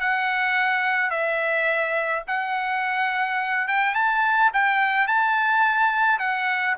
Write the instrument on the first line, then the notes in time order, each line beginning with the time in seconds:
trumpet
0.00 F#5
1.10 E5
2.27 F#5
3.68 G5
3.95 A5
4.53 G5
5.07 A5
6.19 F#5